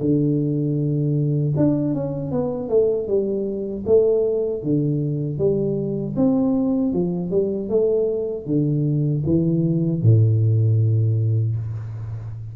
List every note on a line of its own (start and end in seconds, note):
0.00 1.54 D3
1.57 1.94 D4
1.94 2.31 C#4
2.31 2.69 B3
2.69 3.07 A3
3.07 3.84 G3
3.86 4.63 A3
4.63 5.38 D3
5.38 6.15 G3
6.16 6.93 C4
6.93 7.30 F3
7.30 7.69 G3
7.69 8.46 A3
8.46 9.23 D3
9.26 10.02 E3
10.02 11.56 A2